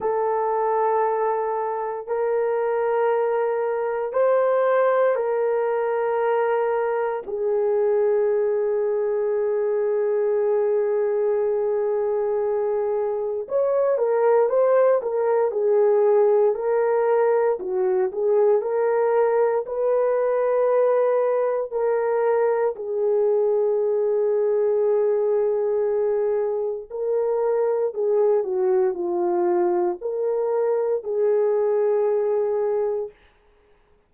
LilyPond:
\new Staff \with { instrumentName = "horn" } { \time 4/4 \tempo 4 = 58 a'2 ais'2 | c''4 ais'2 gis'4~ | gis'1~ | gis'4 cis''8 ais'8 c''8 ais'8 gis'4 |
ais'4 fis'8 gis'8 ais'4 b'4~ | b'4 ais'4 gis'2~ | gis'2 ais'4 gis'8 fis'8 | f'4 ais'4 gis'2 | }